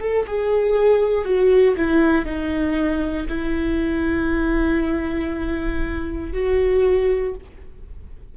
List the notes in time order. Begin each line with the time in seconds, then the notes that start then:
0.00 A4
0.27 G#4
1.25 F#4
1.77 E4
2.26 D#4
3.29 E4
6.33 F#4